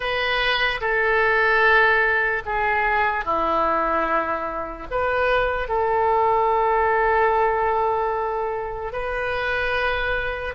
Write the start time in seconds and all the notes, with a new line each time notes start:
0.00 B4
0.80 A4
2.45 G#4
3.24 E4
4.91 B4
5.68 A4
8.92 B4